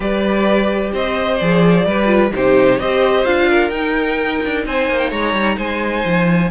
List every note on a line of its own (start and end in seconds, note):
0.00 0.91 G3
0.00 1.39 G4
0.00 0.92 B4
0.00 0.94 D5
0.92 1.40 C4
0.92 1.85 C5
0.92 1.36 D#5
1.36 1.85 F3
1.36 1.86 G#4
1.36 2.29 D5
1.85 2.32 G3
1.85 2.06 G4
1.85 2.33 B4
2.06 2.29 F4
2.33 2.79 C3
2.33 2.78 D#4
2.33 2.80 G4
2.33 2.79 C5
2.78 3.25 C4
2.78 3.25 G4
2.78 3.49 C5
2.78 3.25 D#5
3.25 3.70 D4
3.25 3.72 F4
3.25 3.69 F5
3.49 4.65 A#4
3.69 4.40 D#4
3.69 6.50 D#4
3.69 4.62 G5
4.45 4.66 D4
4.66 4.89 C4
4.66 5.09 C5
4.66 4.98 G#5
4.89 5.11 A#3
4.98 5.10 G5
5.09 5.33 G#3
5.09 5.56 C#5
5.09 5.57 A#5
5.33 5.56 G3
5.57 6.04 G#3
5.57 6.50 C5
5.57 6.50 G#5
6.05 6.50 F3